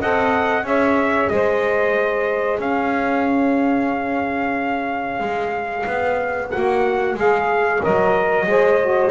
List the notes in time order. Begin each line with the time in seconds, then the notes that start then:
0.00 C4 A4 D#5 F#5
0.62 C#4 G#4 C#5 E5
1.29 G#3 C5 D#5
2.59 C#4 C#5 F5
5.20 G#3
5.87 B3
6.51 A#3 F#4 F#5
7.15 G#3 G#4 F5
7.81 F#3 A#4 D#5
8.47 G#3 G#4 C5
8.83 F#4